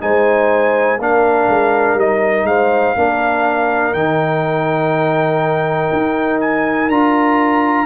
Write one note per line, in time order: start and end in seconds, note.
0.00 0.99 G#3
0.00 0.98 D#4
0.00 1.00 C5
0.00 1.00 G#5
0.99 1.48 A#3
0.99 1.99 D4
0.99 2.48 A#4
0.99 2.00 F5
1.48 1.95 G#3
1.95 2.44 G3
1.95 2.97 D#4
1.95 2.47 D#5
2.44 2.93 G#3
2.44 2.96 C5
2.44 3.94 F5
2.96 3.94 A#3
2.96 3.95 D4
2.96 7.86 A#4
3.94 5.91 D#3
3.94 6.90 D#4
3.94 6.40 G5
5.92 6.89 D#4
6.40 6.90 G#5
6.89 7.86 D4
6.89 7.86 F4
6.89 7.86 A#5